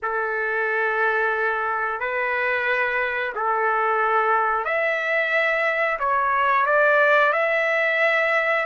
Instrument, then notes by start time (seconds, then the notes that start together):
trumpet
0.02 A4
1.99 B4
3.35 A4
4.65 E5
5.99 C#5
6.65 D5
7.32 E5